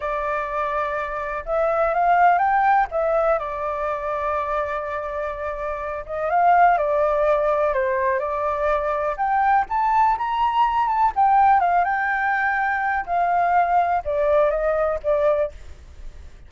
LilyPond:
\new Staff \with { instrumentName = "flute" } { \time 4/4 \tempo 4 = 124 d''2. e''4 | f''4 g''4 e''4 d''4~ | d''1~ | d''8 dis''8 f''4 d''2 |
c''4 d''2 g''4 | a''4 ais''4. a''8 g''4 | f''8 g''2~ g''8 f''4~ | f''4 d''4 dis''4 d''4 | }